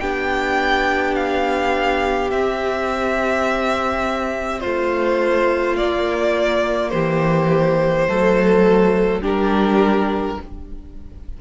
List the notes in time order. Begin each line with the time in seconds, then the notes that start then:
0.00 B3 D4 G4 G5
1.16 F5
2.31 C4 E5
4.61 A3 F4 C5
5.76 A#3 D5
6.90 E3 G4 C5
8.08 F#3 A3 A4
9.22 G3 D4 G4 A#4